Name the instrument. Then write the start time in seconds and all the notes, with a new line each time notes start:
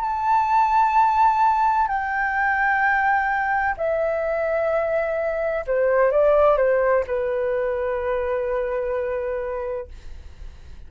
flute
0.00 A5
1.87 G5
3.77 E5
5.66 C5
6.11 D5
6.57 C5
7.07 B4